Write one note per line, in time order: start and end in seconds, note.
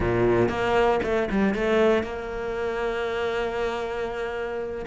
0.00 0.48 A#2
0.48 1.00 A#3
1.03 1.28 A3
1.31 1.54 G3
1.54 2.03 A3
2.03 4.85 A#3